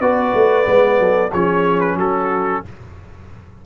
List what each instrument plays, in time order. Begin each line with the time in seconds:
0.00 tuba B3, trombone F#4, horn B4, trumpet D5
0.34 tuba A3
0.64 tuba G#3, trombone B3
0.99 tuba F#3, horn A4
1.32 tuba F3, trombone C#4, horn G#4, trumpet C#5
1.80 trumpet B4
1.96 tuba F#3, horn F#4, trumpet A4